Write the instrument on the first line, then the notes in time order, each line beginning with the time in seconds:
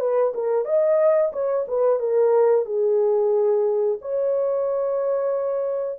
horn
0.00 B4
0.35 A#4
0.65 D#5
1.33 C#5
1.68 B4
2.00 A#4
2.66 G#4
4.02 C#5